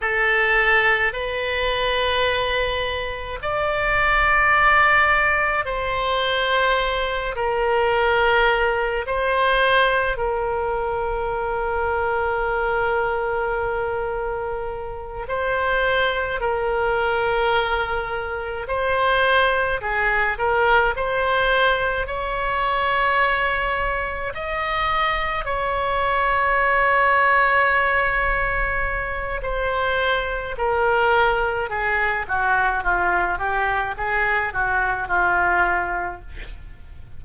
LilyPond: \new Staff \with { instrumentName = "oboe" } { \time 4/4 \tempo 4 = 53 a'4 b'2 d''4~ | d''4 c''4. ais'4. | c''4 ais'2.~ | ais'4. c''4 ais'4.~ |
ais'8 c''4 gis'8 ais'8 c''4 cis''8~ | cis''4. dis''4 cis''4.~ | cis''2 c''4 ais'4 | gis'8 fis'8 f'8 g'8 gis'8 fis'8 f'4 | }